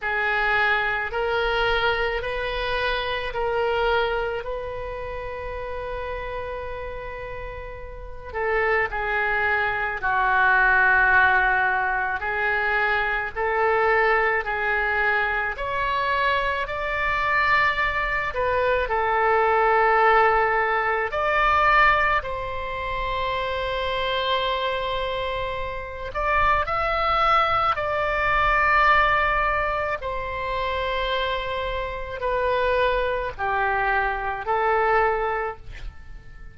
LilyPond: \new Staff \with { instrumentName = "oboe" } { \time 4/4 \tempo 4 = 54 gis'4 ais'4 b'4 ais'4 | b'2.~ b'8 a'8 | gis'4 fis'2 gis'4 | a'4 gis'4 cis''4 d''4~ |
d''8 b'8 a'2 d''4 | c''2.~ c''8 d''8 | e''4 d''2 c''4~ | c''4 b'4 g'4 a'4 | }